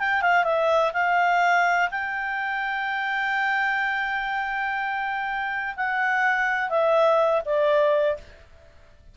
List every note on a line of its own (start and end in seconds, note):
0.00 0.22 G5
0.22 0.45 F5
0.45 0.93 E5
0.94 1.90 F5
1.91 5.75 G5
5.77 6.70 F#5
6.70 7.42 E5
7.46 8.18 D5